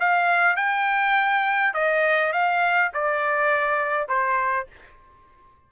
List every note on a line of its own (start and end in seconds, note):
0.00 0.56 F5
0.56 1.74 G5
1.74 2.33 D#5
2.33 2.92 F5
2.94 4.08 D5
4.08 4.67 C5